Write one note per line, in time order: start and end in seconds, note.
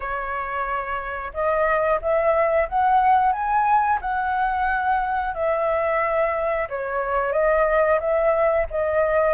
0.00 1.32 C#5
1.33 2.00 D#5
2.02 2.68 E5
2.68 3.32 F#5
3.32 3.98 G#5
4.01 5.34 F#5
5.34 6.68 E5
6.69 7.32 C#5
7.32 7.98 D#5
8.00 8.66 E5
8.70 9.34 D#5